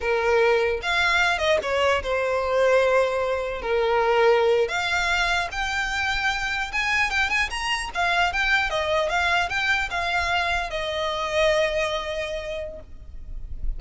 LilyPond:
\new Staff \with { instrumentName = "violin" } { \time 4/4 \tempo 4 = 150 ais'2 f''4. dis''8 | cis''4 c''2.~ | c''4 ais'2~ ais'8. f''16~ | f''4.~ f''16 g''2~ g''16~ |
g''8. gis''4 g''8 gis''8 ais''4 f''16~ | f''8. g''4 dis''4 f''4 g''16~ | g''8. f''2 dis''4~ dis''16~ | dis''1 | }